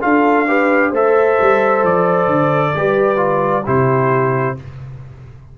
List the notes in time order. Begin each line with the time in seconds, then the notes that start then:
0.00 D4 F4 A4 F5
0.47 G4 B4
0.90 A3 A4 C5 E5
1.41 G3
1.83 F3 D5
2.26 D3
2.75 G3 G4 B4
3.16 F4
3.64 C3 E4 G4 C5